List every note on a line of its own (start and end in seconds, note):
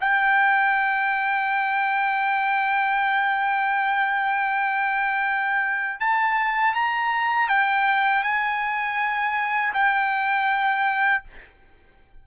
0.00 6.00 G5
6.00 6.74 A5
6.74 7.48 A#5
7.48 8.23 G5
8.23 9.73 G#5
9.73 11.23 G5